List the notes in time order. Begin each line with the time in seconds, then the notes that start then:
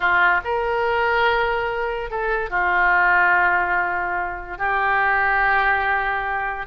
0.00 F4
0.44 A#4
2.10 A4
2.50 F4
4.58 G4